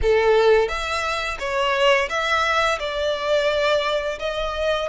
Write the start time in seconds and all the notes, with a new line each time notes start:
0.02 A4
0.68 E5
1.39 C#5
2.09 E5
2.79 D5
4.19 D#5